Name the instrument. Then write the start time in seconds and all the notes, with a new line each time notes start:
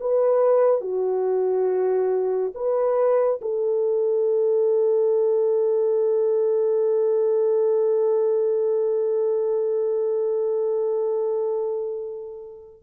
horn
0.00 B4
0.81 F#4
2.54 B4
3.41 A4